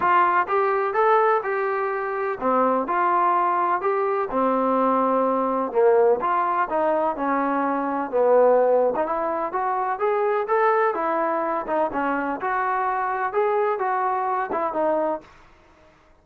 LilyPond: \new Staff \with { instrumentName = "trombone" } { \time 4/4 \tempo 4 = 126 f'4 g'4 a'4 g'4~ | g'4 c'4 f'2 | g'4 c'2. | ais4 f'4 dis'4 cis'4~ |
cis'4 b4.~ b16 dis'16 e'4 | fis'4 gis'4 a'4 e'4~ | e'8 dis'8 cis'4 fis'2 | gis'4 fis'4. e'8 dis'4 | }